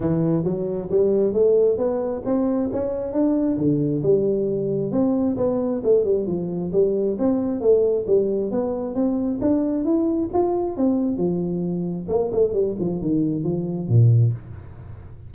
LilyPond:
\new Staff \with { instrumentName = "tuba" } { \time 4/4 \tempo 4 = 134 e4 fis4 g4 a4 | b4 c'4 cis'4 d'4 | d4 g2 c'4 | b4 a8 g8 f4 g4 |
c'4 a4 g4 b4 | c'4 d'4 e'4 f'4 | c'4 f2 ais8 a8 | g8 f8 dis4 f4 ais,4 | }